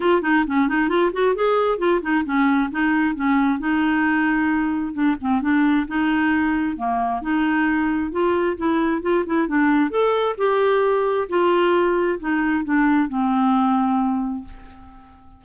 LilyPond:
\new Staff \with { instrumentName = "clarinet" } { \time 4/4 \tempo 4 = 133 f'8 dis'8 cis'8 dis'8 f'8 fis'8 gis'4 | f'8 dis'8 cis'4 dis'4 cis'4 | dis'2. d'8 c'8 | d'4 dis'2 ais4 |
dis'2 f'4 e'4 | f'8 e'8 d'4 a'4 g'4~ | g'4 f'2 dis'4 | d'4 c'2. | }